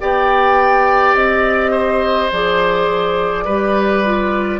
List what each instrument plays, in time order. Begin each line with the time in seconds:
0.00 bassoon B3, clarinet G4, oboe D5, flute G5
1.14 bassoon C4, flute D#5
1.71 oboe C5
2.31 bassoon F3, clarinet G#4, flute D5
3.45 bassoon G3, clarinet G4, oboe B4
4.04 clarinet F4